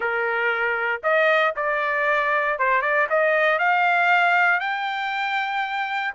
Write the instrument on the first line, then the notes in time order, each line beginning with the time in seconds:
trumpet
0.00 A#4
1.03 D#5
1.56 D5
2.58 C5
2.81 D5
3.09 D#5
3.59 F5
4.60 G5